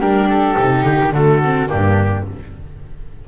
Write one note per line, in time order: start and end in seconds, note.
0.00 0.56 G3
0.00 0.58 D4
0.00 1.13 G4
0.00 0.28 A#4
0.30 0.85 A4
0.58 0.84 C3
0.58 1.13 D#4
0.84 0.98 D3
0.84 1.13 G4
1.01 1.12 D#3
1.12 1.68 D3
1.12 1.41 A3
1.12 1.69 F#4
1.12 1.69 A4
1.45 1.69 C4
1.69 2.28 G2
1.69 2.25 A#3
1.69 2.25 D4
1.69 2.25 G4